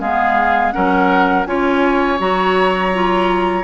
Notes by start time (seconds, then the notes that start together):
0.00 G#3 B3 G#4 F5
0.72 F#3 C#4 A#4 F#5
1.46 C#4 F4 C#5 G#5
2.19 F#3 F#4 A#5
2.94 F4